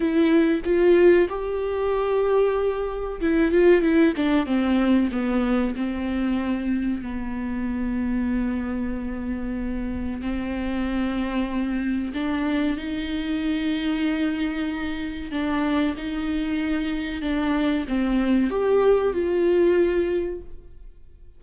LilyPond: \new Staff \with { instrumentName = "viola" } { \time 4/4 \tempo 4 = 94 e'4 f'4 g'2~ | g'4 e'8 f'8 e'8 d'8 c'4 | b4 c'2 b4~ | b1 |
c'2. d'4 | dis'1 | d'4 dis'2 d'4 | c'4 g'4 f'2 | }